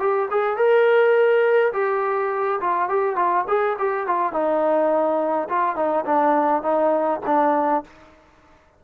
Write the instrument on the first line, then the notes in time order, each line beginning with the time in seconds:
trombone
0.00 G4
0.31 G#4
0.57 A#4
1.74 G4
2.61 F4
2.89 G4
3.16 F4
3.48 G#4
3.79 G4
4.07 F4
4.33 D#4
5.49 F4
5.76 D#4
6.06 D4
6.63 D#4
7.27 D4